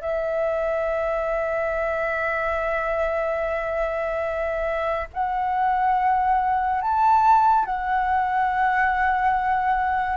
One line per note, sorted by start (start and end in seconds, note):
0.00 5.07 E5
5.13 6.81 F#5
6.81 7.65 A5
7.65 10.16 F#5